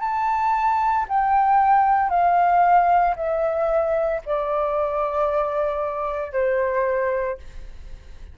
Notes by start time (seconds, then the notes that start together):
0.00 A5
1.08 G5
2.10 F5
3.16 E5
4.26 D5
6.33 C5